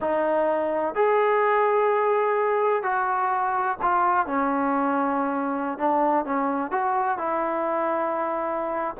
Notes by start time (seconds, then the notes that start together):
0.00 D#4
0.94 G#4
2.83 F#4
3.82 F4
4.26 C#4
5.78 D4
6.25 C#4
6.71 F#4
7.18 E4